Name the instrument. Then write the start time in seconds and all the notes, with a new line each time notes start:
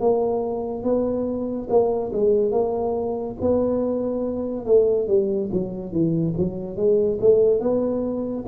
tuba
0.00 A#3
0.83 B3
1.70 A#3
2.13 G#3
2.51 A#3
3.41 B3
4.66 A3
5.08 G3
5.53 F#3
5.92 E3
6.38 F#3
6.76 G#3
7.21 A3
7.60 B3